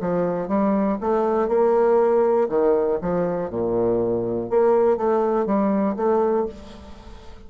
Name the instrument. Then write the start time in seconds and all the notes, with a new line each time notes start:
bassoon
0.00 F3
0.48 G3
1.00 A3
1.48 A#3
2.49 D#3
3.01 F3
3.50 A#2
4.49 A#3
4.97 A3
5.45 G3
5.96 A3